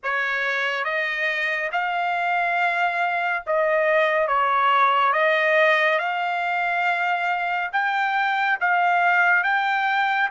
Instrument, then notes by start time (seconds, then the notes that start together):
trumpet
0.03 C#5
0.84 D#5
1.71 F5
3.46 D#5
4.27 C#5
5.12 D#5
5.98 F5
7.72 G5
8.60 F5
9.43 G5